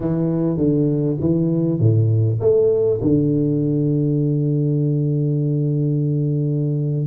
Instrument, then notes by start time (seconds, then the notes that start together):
tuba
0.00 E3
0.57 D3
1.20 E3
1.79 A2
2.40 A3
3.01 D3